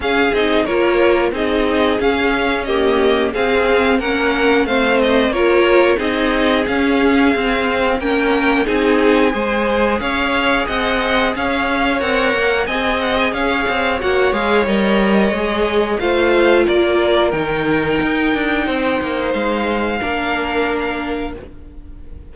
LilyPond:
<<
  \new Staff \with { instrumentName = "violin" } { \time 4/4 \tempo 4 = 90 f''8 dis''8 cis''4 dis''4 f''4 | dis''4 f''4 fis''4 f''8 dis''8 | cis''4 dis''4 f''2 | g''4 gis''2 f''4 |
fis''4 f''4 fis''4 gis''8 fis''16 gis''16 | f''4 fis''8 f''8 dis''2 | f''4 d''4 g''2~ | g''4 f''2. | }
  \new Staff \with { instrumentName = "violin" } { \time 4/4 gis'4 ais'4 gis'2 | g'4 gis'4 ais'4 c''4 | ais'4 gis'2. | ais'4 gis'4 c''4 cis''4 |
dis''4 cis''2 dis''4 | cis''1 | c''4 ais'2. | c''2 ais'2 | }
  \new Staff \with { instrumentName = "viola" } { \time 4/4 cis'8 dis'8 f'4 dis'4 cis'4 | ais4 c'4 cis'4 c'4 | f'4 dis'4 cis'4 c'4 | cis'4 dis'4 gis'2~ |
gis'2 ais'4 gis'4~ | gis'4 fis'8 gis'8 ais'4 gis'4 | f'2 dis'2~ | dis'2 d'2 | }
  \new Staff \with { instrumentName = "cello" } { \time 4/4 cis'8 c'8 ais4 c'4 cis'4~ | cis'4 c'4 ais4 a4 | ais4 c'4 cis'4 c'4 | ais4 c'4 gis4 cis'4 |
c'4 cis'4 c'8 ais8 c'4 | cis'8 c'8 ais8 gis8 g4 gis4 | a4 ais4 dis4 dis'8 d'8 | c'8 ais8 gis4 ais2 | }
>>